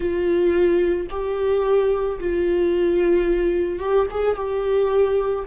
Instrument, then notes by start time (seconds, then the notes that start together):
viola
0.00 F4
1.10 G4
2.19 F4
3.79 G4
4.11 G#4
4.35 G4